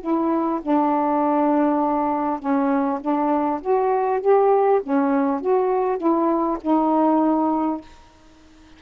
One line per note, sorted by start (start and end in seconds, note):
0.00 0.60 E4
0.62 2.39 D4
2.39 2.99 C#4
3.01 3.61 D4
3.61 4.21 F#4
4.21 4.81 G4
4.82 5.40 C#4
5.40 5.97 F#4
5.97 6.57 E4
6.61 7.81 D#4